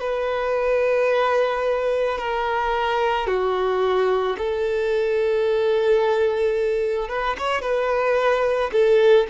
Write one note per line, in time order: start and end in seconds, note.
0.00 2.18 B4
2.18 3.27 A#4
3.27 4.36 F#4
4.37 7.09 A4
7.09 7.36 B4
7.38 7.62 C#5
7.62 8.71 B4
8.72 9.27 A4